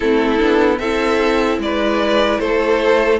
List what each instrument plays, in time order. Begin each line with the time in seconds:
0.00 cello A3, viola C4, violin E4 A4
0.39 cello B3, viola D4
0.78 cello C4, viola E4, violin A4 E5
1.58 cello G#3, violin B4 D5
2.39 cello A3, violin A4 C5